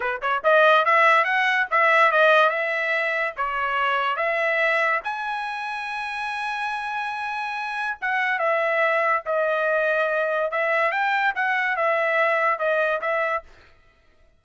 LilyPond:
\new Staff \with { instrumentName = "trumpet" } { \time 4/4 \tempo 4 = 143 b'8 cis''8 dis''4 e''4 fis''4 | e''4 dis''4 e''2 | cis''2 e''2 | gis''1~ |
gis''2. fis''4 | e''2 dis''2~ | dis''4 e''4 g''4 fis''4 | e''2 dis''4 e''4 | }